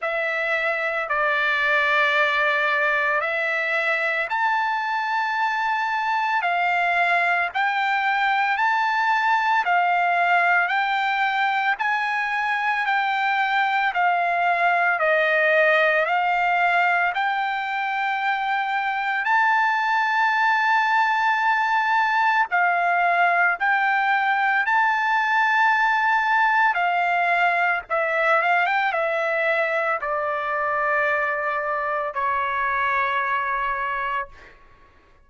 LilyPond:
\new Staff \with { instrumentName = "trumpet" } { \time 4/4 \tempo 4 = 56 e''4 d''2 e''4 | a''2 f''4 g''4 | a''4 f''4 g''4 gis''4 | g''4 f''4 dis''4 f''4 |
g''2 a''2~ | a''4 f''4 g''4 a''4~ | a''4 f''4 e''8 f''16 g''16 e''4 | d''2 cis''2 | }